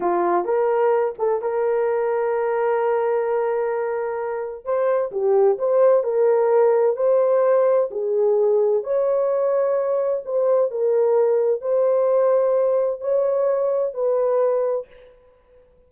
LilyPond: \new Staff \with { instrumentName = "horn" } { \time 4/4 \tempo 4 = 129 f'4 ais'4. a'8 ais'4~ | ais'1~ | ais'2 c''4 g'4 | c''4 ais'2 c''4~ |
c''4 gis'2 cis''4~ | cis''2 c''4 ais'4~ | ais'4 c''2. | cis''2 b'2 | }